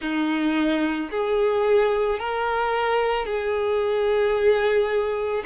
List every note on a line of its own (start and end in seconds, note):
0.00 1.10 D#4
1.11 2.19 G#4
2.19 3.25 A#4
3.25 5.43 G#4